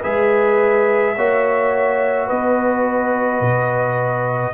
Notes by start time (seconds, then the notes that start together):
0.00 G#3 G#4 B4 E5
1.16 A#3 F#4 C#5
2.26 B3 B4 D#5
3.41 B2